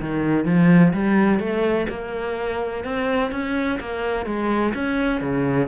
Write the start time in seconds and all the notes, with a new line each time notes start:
0.00 D#3
0.45 F3
0.93 G3
1.39 A3
1.89 A#3
2.84 C4
3.31 C#4
3.80 A#3
4.26 G#3
4.74 C#4
5.21 C#3